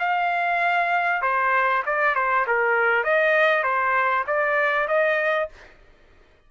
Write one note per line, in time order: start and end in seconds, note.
0.00 1.22 F5
1.22 1.83 C5
1.86 2.16 D5
2.16 2.46 C5
2.48 3.04 A#4
3.04 3.64 D#5
3.64 4.25 C5
4.27 4.88 D5
4.88 5.50 D#5